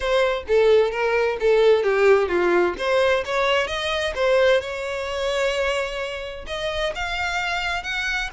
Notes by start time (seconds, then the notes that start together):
0.00 C5
0.47 A4
0.91 A#4
1.40 A4
1.83 G4
2.28 F4
2.78 C5
3.25 C#5
3.67 D#5
4.15 C5
4.60 C#5
6.47 D#5
6.95 F5
7.83 F#5